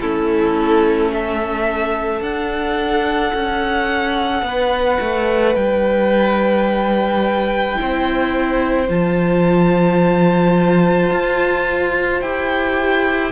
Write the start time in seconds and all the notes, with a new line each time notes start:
0.00 A3 C#4 E4 A4
1.13 A4 E5
2.21 D4 F#5
3.33 C#4
4.42 B3 B4
5.00 A3
5.55 G3 G5
7.76 C4 E4 C5
8.89 F3 F4 A5
11.10 F4
12.21 E4 G4 G5